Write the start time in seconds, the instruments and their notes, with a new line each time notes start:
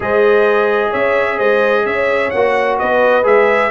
0.00 tuba G#3, trombone G#4, horn C5, trumpet D#5
0.90 tuba C#4, horn C#5, trumpet E5
1.37 tuba G#3, horn C5, trumpet D#5
1.85 tuba C#4, horn C#5, trumpet E5
2.30 tuba A#3, trombone F#4, trumpet F#5
2.78 tuba B3, horn B4, trumpet D#5
3.23 tuba G#3, trombone G#4, trumpet E5